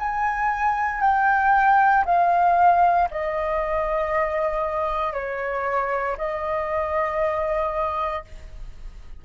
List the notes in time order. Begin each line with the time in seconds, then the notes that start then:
0.00 G#5
1.01 G5
2.06 F5
3.11 D#5
5.13 C#5
6.18 D#5